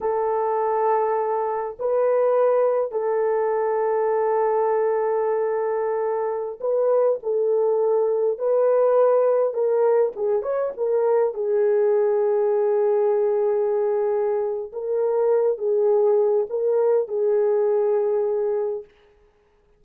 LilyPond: \new Staff \with { instrumentName = "horn" } { \time 4/4 \tempo 4 = 102 a'2. b'4~ | b'4 a'2.~ | a'2.~ a'16 b'8.~ | b'16 a'2 b'4.~ b'16~ |
b'16 ais'4 gis'8 cis''8 ais'4 gis'8.~ | gis'1~ | gis'4 ais'4. gis'4. | ais'4 gis'2. | }